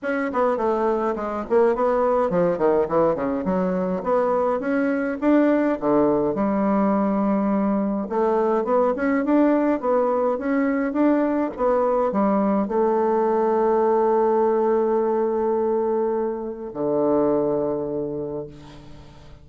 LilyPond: \new Staff \with { instrumentName = "bassoon" } { \time 4/4 \tempo 4 = 104 cis'8 b8 a4 gis8 ais8 b4 | f8 dis8 e8 cis8 fis4 b4 | cis'4 d'4 d4 g4~ | g2 a4 b8 cis'8 |
d'4 b4 cis'4 d'4 | b4 g4 a2~ | a1~ | a4 d2. | }